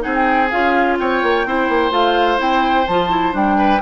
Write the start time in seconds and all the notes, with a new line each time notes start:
0.00 C4 D#4 G#4 F#5
0.15 G5
0.51 C#4 F4 F5
0.99 C4 C#5 G5
1.23 A#3
1.46 C4 E4 C5
1.69 A#3
1.91 A3 F4 F5
2.38 C4 E4 G5
2.87 F3 F4 A5
3.11 E4
3.33 G3 D4 G5
3.58 B4